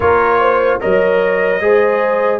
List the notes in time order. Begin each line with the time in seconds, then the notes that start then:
0.00 A#3 F4 A#4 C#5
0.39 C5
0.80 F#3 A#4 C#5 D#5
1.60 G#3 G#4 C5